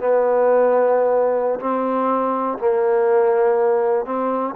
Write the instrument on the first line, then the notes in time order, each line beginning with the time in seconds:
trombone
0.00 B3
1.60 C4
2.59 A#3
4.06 C4